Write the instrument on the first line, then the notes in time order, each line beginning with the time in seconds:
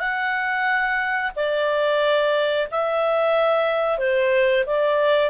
clarinet
0.00 F#5
1.36 D5
2.72 E5
3.99 C5
4.67 D5